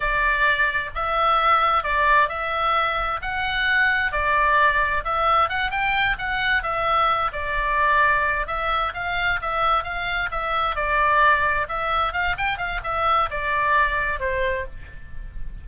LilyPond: \new Staff \with { instrumentName = "oboe" } { \time 4/4 \tempo 4 = 131 d''2 e''2 | d''4 e''2 fis''4~ | fis''4 d''2 e''4 | fis''8 g''4 fis''4 e''4. |
d''2~ d''8 e''4 f''8~ | f''8 e''4 f''4 e''4 d''8~ | d''4. e''4 f''8 g''8 f''8 | e''4 d''2 c''4 | }